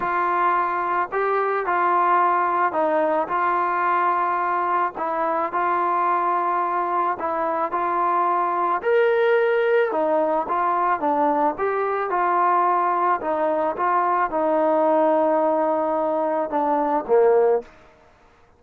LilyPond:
\new Staff \with { instrumentName = "trombone" } { \time 4/4 \tempo 4 = 109 f'2 g'4 f'4~ | f'4 dis'4 f'2~ | f'4 e'4 f'2~ | f'4 e'4 f'2 |
ais'2 dis'4 f'4 | d'4 g'4 f'2 | dis'4 f'4 dis'2~ | dis'2 d'4 ais4 | }